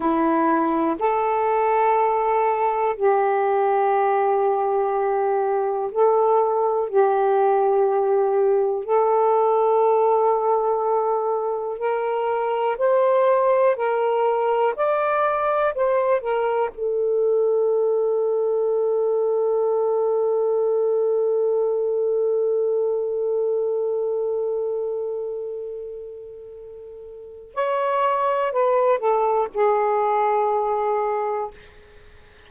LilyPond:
\new Staff \with { instrumentName = "saxophone" } { \time 4/4 \tempo 4 = 61 e'4 a'2 g'4~ | g'2 a'4 g'4~ | g'4 a'2. | ais'4 c''4 ais'4 d''4 |
c''8 ais'8 a'2.~ | a'1~ | a'1 | cis''4 b'8 a'8 gis'2 | }